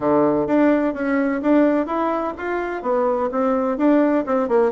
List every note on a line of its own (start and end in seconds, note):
0.00 0.47 D3
0.47 0.94 D4
0.94 1.41 C#4
1.42 1.86 D4
1.86 2.33 E4
2.37 2.82 F4
2.82 3.29 B3
3.31 3.77 C4
3.77 4.25 D4
4.26 4.48 C4
4.48 4.71 A#3